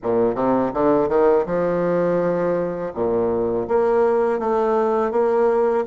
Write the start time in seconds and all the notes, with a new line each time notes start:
0.02 A#2
0.35 C3
0.73 D3
1.08 D#3
1.46 F3
2.94 A#2
3.68 A#3
4.39 A3
5.11 A#3